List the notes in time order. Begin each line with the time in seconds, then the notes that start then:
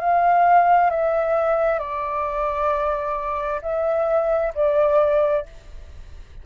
0.00 F5
0.90 E5
1.79 D5
3.62 E5
4.55 D5